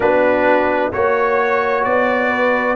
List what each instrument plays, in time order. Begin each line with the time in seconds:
0.00 tuba B3, trombone D4, horn F#4, trumpet B4
0.92 tuba A#3, trombone F#4, trumpet C#5, horn C#5
1.83 tuba B3, trumpet D5
2.29 horn B4